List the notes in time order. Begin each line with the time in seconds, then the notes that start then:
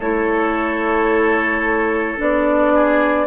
0.00 A3 E4 A4 C#5
2.18 B3 D4 D5
2.75 G#4